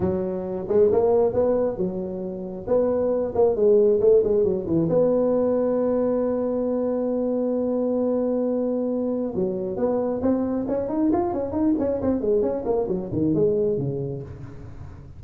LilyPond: \new Staff \with { instrumentName = "tuba" } { \time 4/4 \tempo 4 = 135 fis4. gis8 ais4 b4 | fis2 b4. ais8 | gis4 a8 gis8 fis8 e8 b4~ | b1~ |
b1~ | b4 fis4 b4 c'4 | cis'8 dis'8 f'8 cis'8 dis'8 cis'8 c'8 gis8 | cis'8 ais8 fis8 dis8 gis4 cis4 | }